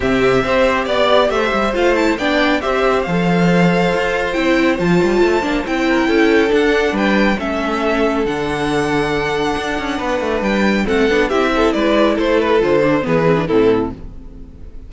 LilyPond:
<<
  \new Staff \with { instrumentName = "violin" } { \time 4/4 \tempo 4 = 138 e''2 d''4 e''4 | f''8 a''8 g''4 e''4 f''4~ | f''2 g''4 a''4~ | a''4 g''2 fis''4 |
g''4 e''2 fis''4~ | fis''1 | g''4 fis''4 e''4 d''4 | c''8 b'8 c''4 b'4 a'4 | }
  \new Staff \with { instrumentName = "violin" } { \time 4/4 g'4 c''4 d''4 c''4~ | c''4 d''4 c''2~ | c''1~ | c''4. ais'8 a'2 |
b'4 a'2.~ | a'2. b'4~ | b'4 a'4 g'8 a'8 b'4 | a'2 gis'4 e'4 | }
  \new Staff \with { instrumentName = "viola" } { \time 4/4 c'4 g'2. | f'8 e'8 d'4 g'4 a'4~ | a'2 e'4 f'4~ | f'8 d'8 e'2 d'4~ |
d'4 cis'2 d'4~ | d'1~ | d'4 c'8 d'8 e'2~ | e'4 f'8 d'8 b8 c'16 d'16 c'4 | }
  \new Staff \with { instrumentName = "cello" } { \time 4/4 c4 c'4 b4 a8 g8 | a4 b4 c'4 f4~ | f4 f'4 c'4 f8 g8 | a8 ais8 c'4 cis'4 d'4 |
g4 a2 d4~ | d2 d'8 cis'8 b8 a8 | g4 a8 b8 c'4 gis4 | a4 d4 e4 a,4 | }
>>